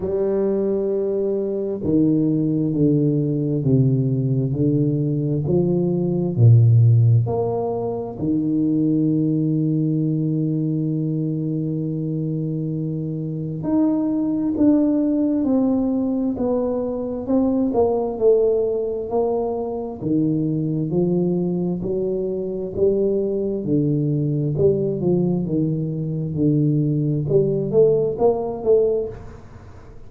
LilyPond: \new Staff \with { instrumentName = "tuba" } { \time 4/4 \tempo 4 = 66 g2 dis4 d4 | c4 d4 f4 ais,4 | ais4 dis2.~ | dis2. dis'4 |
d'4 c'4 b4 c'8 ais8 | a4 ais4 dis4 f4 | fis4 g4 d4 g8 f8 | dis4 d4 g8 a8 ais8 a8 | }